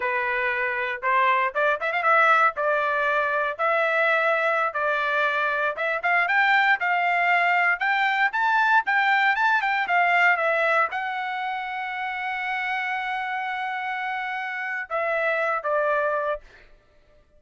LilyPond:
\new Staff \with { instrumentName = "trumpet" } { \time 4/4 \tempo 4 = 117 b'2 c''4 d''8 e''16 f''16 | e''4 d''2 e''4~ | e''4~ e''16 d''2 e''8 f''16~ | f''16 g''4 f''2 g''8.~ |
g''16 a''4 g''4 a''8 g''8 f''8.~ | f''16 e''4 fis''2~ fis''8.~ | fis''1~ | fis''4 e''4. d''4. | }